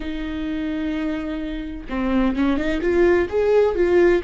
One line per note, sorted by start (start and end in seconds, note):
0.00 1.86 D#4
1.89 2.35 C4
2.35 2.57 C#4
2.57 2.80 D#4
2.81 3.28 F4
3.29 3.75 G#4
3.75 4.22 F4